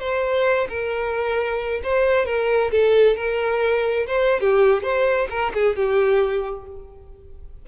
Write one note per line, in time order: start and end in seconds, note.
0.00 0.68 C5
0.69 1.82 A#4
1.84 2.26 C5
2.26 2.71 A#4
2.71 3.17 A4
3.17 4.07 A#4
4.07 4.40 C5
4.40 4.83 G4
4.83 5.28 C5
5.30 5.53 A#4
5.54 5.76 G#4
5.76 6.66 G4